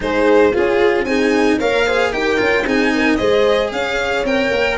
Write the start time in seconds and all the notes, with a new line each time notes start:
0.00 G#3 D#4 G#4 C5
0.51 C#4 F4 G#4
1.04 C4 D#4 G#4 G#5
1.58 A#3 A#4 C#5 F5
1.85 G#4 C5
2.12 D#4 G4 A#4 G5
2.37 C#4 F4
2.65 C4 D#4 G#4 G#5
2.94 A#4
3.15 G#3 G#4 C5 D#5
3.71 C#4 C#5 F5
4.23 C4 A#4 G5
4.51 A#3